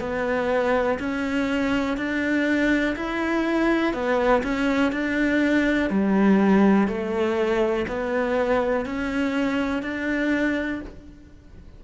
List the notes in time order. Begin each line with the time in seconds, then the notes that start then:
0.00 B3
0.99 C#4
1.97 D4
2.96 E4
3.93 B3
4.43 C#4
4.92 D4
5.90 G3
6.88 A3
7.87 B3
8.86 C#4
9.83 D4